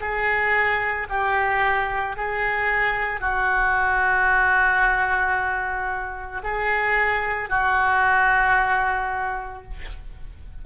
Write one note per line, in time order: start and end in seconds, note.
0.00 1.07 G#4
1.09 2.16 G4
2.16 3.20 G#4
3.20 6.42 F#4
6.43 7.49 G#4
7.49 9.63 F#4